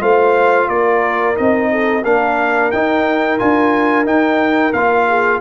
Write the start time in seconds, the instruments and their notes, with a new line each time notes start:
0.00 tuba A3, trombone F4, horn C5, trumpet F5
0.68 tuba A#3, horn A#4, trumpet D5
1.35 tuba C4, trombone D#4, trumpet D#5
1.71 horn A4
2.03 tuba A#3, trombone D4, horn A#4, trumpet F5
2.71 tuba D#4, trombone D#4, trumpet G5
3.38 tuba D4, trombone F4, trumpet G#5
4.05 trombone D#4, tuba D#4, trumpet G5
4.73 tuba A#3, trombone F4, trumpet F5
5.08 horn G#4